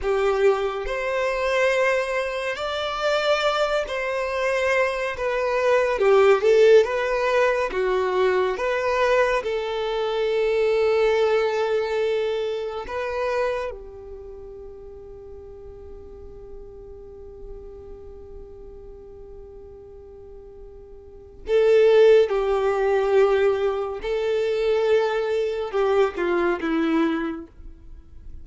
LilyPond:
\new Staff \with { instrumentName = "violin" } { \time 4/4 \tempo 4 = 70 g'4 c''2 d''4~ | d''8 c''4. b'4 g'8 a'8 | b'4 fis'4 b'4 a'4~ | a'2. b'4 |
g'1~ | g'1~ | g'4 a'4 g'2 | a'2 g'8 f'8 e'4 | }